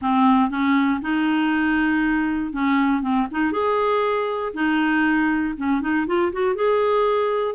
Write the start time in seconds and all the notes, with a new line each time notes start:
0.01 C4
0.50 C#4
1.01 D#4
2.52 C#4
3.02 C4
3.31 D#4
3.52 G#4
4.53 D#4
5.57 C#4
5.81 D#4
6.06 F4
6.32 F#4
6.55 G#4